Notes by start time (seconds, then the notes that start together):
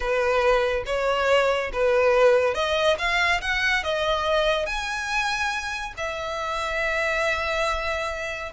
0.00 B4
0.86 C#5
1.72 B4
2.54 D#5
2.98 F5
3.41 F#5
3.83 D#5
4.66 G#5
5.97 E5